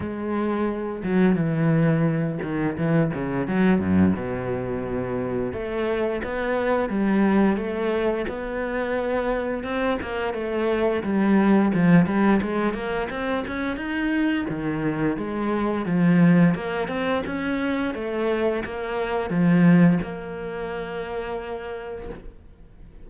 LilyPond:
\new Staff \with { instrumentName = "cello" } { \time 4/4 \tempo 4 = 87 gis4. fis8 e4. dis8 | e8 cis8 fis8 fis,8 b,2 | a4 b4 g4 a4 | b2 c'8 ais8 a4 |
g4 f8 g8 gis8 ais8 c'8 cis'8 | dis'4 dis4 gis4 f4 | ais8 c'8 cis'4 a4 ais4 | f4 ais2. | }